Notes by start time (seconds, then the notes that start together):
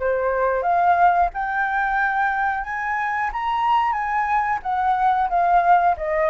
0.00 C5
0.63 F5
1.34 G5
2.64 G#5
3.33 A#5
3.93 G#5
4.63 F#5
5.29 F5
5.97 D#5